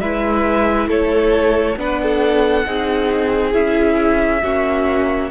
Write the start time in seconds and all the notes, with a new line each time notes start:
0.00 G#3 E4 B4 E5
0.87 A3 A4 C#5
1.76 B3 D4 B4 F#5
2.02 A4
2.65 C4 D#4 G#4
3.53 C#4 E4 E5
4.42 A#3 C#4 F#4